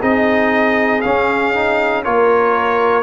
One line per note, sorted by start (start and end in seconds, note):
0.00 1.04 C4
0.00 1.04 D#4
0.00 2.03 G#4
0.00 1.02 D#5
1.02 1.55 C#4
1.02 2.07 C#4
1.02 2.03 F5
1.55 2.05 D#4
2.04 3.04 A#3
2.04 3.04 F4
2.04 3.04 A#4
2.04 3.04 C#5